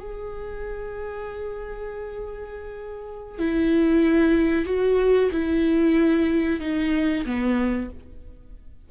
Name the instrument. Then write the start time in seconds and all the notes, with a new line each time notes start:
viola
0.00 G#4
3.38 E4
4.66 F#4
5.32 E4
6.60 D#4
7.26 B3